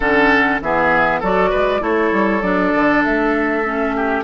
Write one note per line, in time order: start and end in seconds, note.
0.00 0.60 D3
0.00 0.61 C#4
0.00 0.60 A4
0.00 0.60 F#5
0.61 1.21 E3
0.61 1.23 B3
0.61 1.19 G#4
0.61 1.22 E5
1.19 1.52 F#3
1.19 1.79 F#4
1.19 1.49 A4
1.19 1.83 D5
1.49 1.81 G#3
1.49 1.80 B4
1.79 2.11 A3
1.79 2.40 E4
1.79 3.96 A4
1.79 2.42 C#5
2.12 2.41 G3
2.41 2.72 F#3
2.41 3.64 D4
2.41 3.02 D5
2.75 3.05 D3
3.04 4.23 A3
3.04 4.23 E5
3.64 4.23 C#4
3.96 4.23 G4